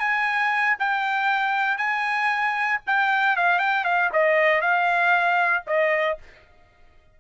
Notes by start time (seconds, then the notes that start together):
0.00 G#5
0.79 G5
1.78 G#5
2.87 G5
3.37 F5
3.59 G5
3.85 F5
4.13 D#5
4.61 F5
5.67 D#5